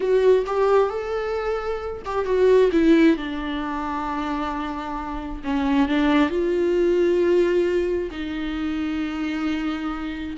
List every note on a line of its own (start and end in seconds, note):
0.00 0.45 F#4
0.46 0.89 G4
0.89 2.02 A4
2.05 2.25 G4
2.25 2.70 F#4
2.72 3.16 E4
3.16 5.42 D4
5.44 5.88 C#4
5.88 6.29 D4
6.29 8.10 F4
8.11 10.36 D#4